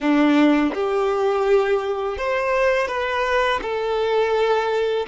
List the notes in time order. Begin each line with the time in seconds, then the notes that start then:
0.00 D4
0.74 G4
2.17 C5
2.87 B4
3.61 A4